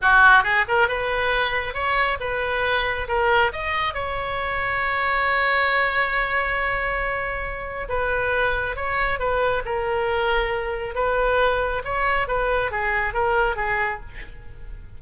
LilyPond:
\new Staff \with { instrumentName = "oboe" } { \time 4/4 \tempo 4 = 137 fis'4 gis'8 ais'8 b'2 | cis''4 b'2 ais'4 | dis''4 cis''2.~ | cis''1~ |
cis''2 b'2 | cis''4 b'4 ais'2~ | ais'4 b'2 cis''4 | b'4 gis'4 ais'4 gis'4 | }